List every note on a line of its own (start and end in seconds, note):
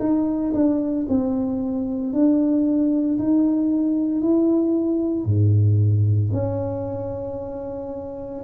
0.00 0.53 D#4
0.54 1.06 D4
1.09 2.13 C4
2.13 3.18 D4
3.19 4.22 D#4
4.22 5.25 E4
5.25 6.30 G#2
6.33 8.44 C#4